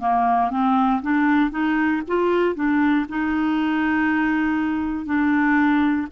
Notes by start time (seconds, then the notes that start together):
0.00 A#3
0.50 C4
1.02 D4
1.51 D#4
2.08 F4
2.55 D4
3.09 D#4
5.05 D4